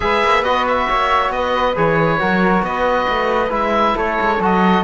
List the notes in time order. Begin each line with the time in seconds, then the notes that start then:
0.00 G#3 G#4 B4 E5
0.23 A#3
0.42 B3 F#4 D#5
0.67 E5
0.89 A#3 C#5
1.29 B3 B4 D#5
1.75 E3 G#4 C#5
2.19 F#3 F#4 A#4
2.62 B3 B4 D#5
3.08 A3
3.49 G#3 E4 E5
3.96 A3 A4 C#5
4.20 G#3
4.40 F#3 F#4 D#5